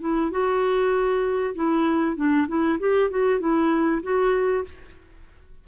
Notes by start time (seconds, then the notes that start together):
0.00 E4
0.31 F#4
1.55 E4
2.16 D4
2.47 E4
2.79 G4
3.10 F#4
3.40 E4
4.02 F#4